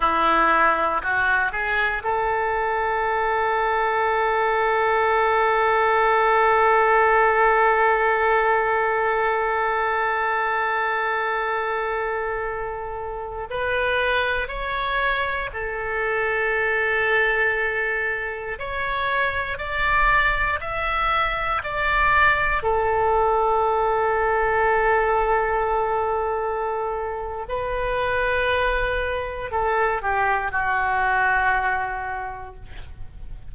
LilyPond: \new Staff \with { instrumentName = "oboe" } { \time 4/4 \tempo 4 = 59 e'4 fis'8 gis'8 a'2~ | a'1~ | a'1~ | a'4~ a'16 b'4 cis''4 a'8.~ |
a'2~ a'16 cis''4 d''8.~ | d''16 e''4 d''4 a'4.~ a'16~ | a'2. b'4~ | b'4 a'8 g'8 fis'2 | }